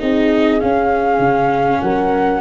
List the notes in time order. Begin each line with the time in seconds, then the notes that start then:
0.00 C4 D#4 G#4 D#5
0.60 C#4 F5
1.19 C#3
1.81 F#3 A#4 F#5